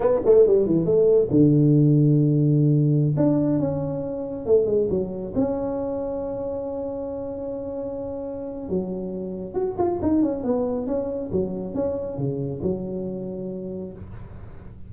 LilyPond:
\new Staff \with { instrumentName = "tuba" } { \time 4/4 \tempo 4 = 138 b8 a8 g8 e8 a4 d4~ | d2.~ d16 d'8.~ | d'16 cis'2 a8 gis8 fis8.~ | fis16 cis'2.~ cis'8.~ |
cis'1 | fis2 fis'8 f'8 dis'8 cis'8 | b4 cis'4 fis4 cis'4 | cis4 fis2. | }